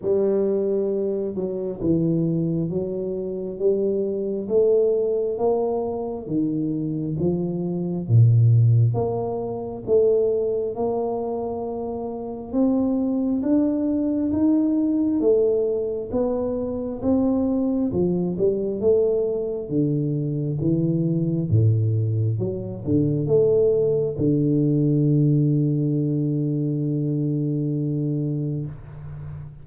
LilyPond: \new Staff \with { instrumentName = "tuba" } { \time 4/4 \tempo 4 = 67 g4. fis8 e4 fis4 | g4 a4 ais4 dis4 | f4 ais,4 ais4 a4 | ais2 c'4 d'4 |
dis'4 a4 b4 c'4 | f8 g8 a4 d4 e4 | a,4 fis8 d8 a4 d4~ | d1 | }